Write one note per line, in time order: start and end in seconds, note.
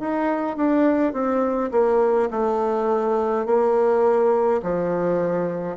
0.00 0.57 D#4
0.57 1.13 D4
1.13 1.71 C4
1.72 2.30 A#3
2.31 3.46 A3
3.46 4.62 A#3
4.63 5.77 F3